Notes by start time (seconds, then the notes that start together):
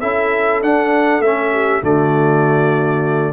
0.00 C#4 E4 A4 E5
0.63 D4 F#5
1.20 A3 C#4 E5
1.52 G4
1.82 D3 A3 F#4 D5